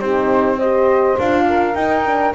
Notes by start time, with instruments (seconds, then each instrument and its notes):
0.00 double bass C4, horn D#4, saxophone G4, flute C5
0.57 horn G4, saxophone C5, flute D#5
1.19 double bass D4, horn F4, flute F5
1.49 saxophone A#4
1.75 horn D#4, double bass D#4, flute G5
2.06 horn D4